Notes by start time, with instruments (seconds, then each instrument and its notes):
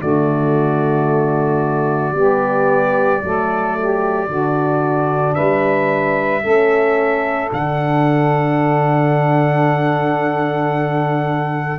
0.00 tuba D3, horn A3, saxophone F#4, trumpet D5
2.11 tuba G3, horn B3, saxophone G4
3.22 tuba F#3, horn A3, saxophone A4
3.79 saxophone G4
4.28 tuba D3, horn D4, saxophone F#4
5.35 tuba G3, saxophone B4, trumpet E5
6.43 tuba A3, horn C#4, saxophone A4
7.50 tuba D3, horn D4, trumpet F#5